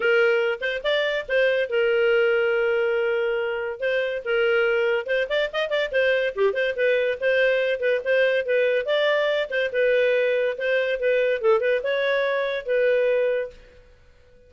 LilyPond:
\new Staff \with { instrumentName = "clarinet" } { \time 4/4 \tempo 4 = 142 ais'4. c''8 d''4 c''4 | ais'1~ | ais'4 c''4 ais'2 | c''8 d''8 dis''8 d''8 c''4 g'8 c''8 |
b'4 c''4. b'8 c''4 | b'4 d''4. c''8 b'4~ | b'4 c''4 b'4 a'8 b'8 | cis''2 b'2 | }